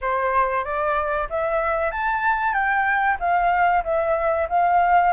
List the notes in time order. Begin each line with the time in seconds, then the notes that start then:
0.01 C5
0.64 D5
1.29 E5
1.91 A5
2.53 G5
3.19 F5
3.84 E5
4.49 F5